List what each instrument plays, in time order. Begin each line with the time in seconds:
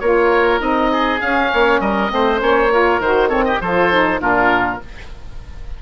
0.00 bassoon A#3, saxophone F4, oboe A#4 C#5
0.59 bassoon C4, saxophone D#4, oboe D#5
0.92 oboe G#4
1.21 bassoon C#4, saxophone C#4, oboe F5
1.53 bassoon A#3, oboe C#5
1.81 bassoon G3, oboe A#4 D#5
2.10 bassoon A3, saxophone C4, oboe C5
2.39 bassoon A#3, saxophone C#4, oboe C#5
2.71 saxophone F4, oboe A#4
2.99 bassoon D#3, saxophone F#4, oboe C5
3.29 saxophone C4, oboe A4 C#5
3.45 oboe G4 D#5
3.61 bassoon F3, saxophone F4, oboe A4 C5
3.92 saxophone D#4
4.20 bassoon A#2, saxophone D4, oboe F4 A#4